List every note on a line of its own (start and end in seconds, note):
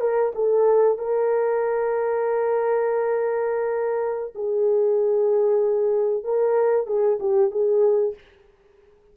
0.00 0.32 A#4
0.35 0.98 A4
0.98 4.33 A#4
4.34 6.23 G#4
6.23 6.86 A#4
6.86 7.18 G#4
7.20 7.51 G4
7.51 8.14 G#4